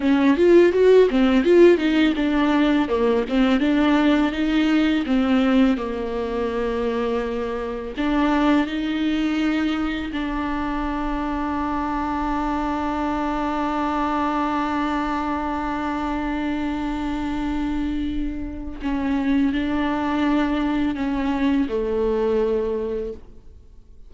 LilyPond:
\new Staff \with { instrumentName = "viola" } { \time 4/4 \tempo 4 = 83 cis'8 f'8 fis'8 c'8 f'8 dis'8 d'4 | ais8 c'8 d'4 dis'4 c'4 | ais2. d'4 | dis'2 d'2~ |
d'1~ | d'1~ | d'2 cis'4 d'4~ | d'4 cis'4 a2 | }